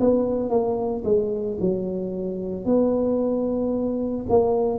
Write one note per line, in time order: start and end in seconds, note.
0.00 0.50 B3
0.50 1.03 A#3
1.04 1.58 G#3
1.60 2.65 F#3
2.65 4.26 B3
4.29 4.78 A#3